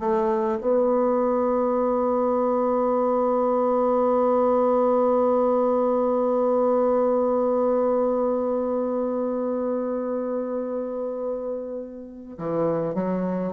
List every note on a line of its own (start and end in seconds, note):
0.00 0.59 A3
0.61 12.37 B3
12.39 12.95 E3
12.95 13.53 F#3